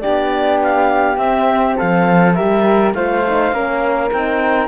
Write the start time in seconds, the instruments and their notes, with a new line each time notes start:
0.00 cello B3, horn D4, flute G4, clarinet D5
0.63 clarinet F5
1.17 cello C4, horn C4, clarinet E5
1.77 cello F3, flute A4, clarinet F5
2.34 cello G3, horn G4, flute A#4, clarinet E5
2.93 cello A3, horn F4, flute C5, clarinet F5
3.28 horn D#4
3.52 cello A#3, horn C#4, flute A#4
4.11 cello C4, horn D#4, clarinet G5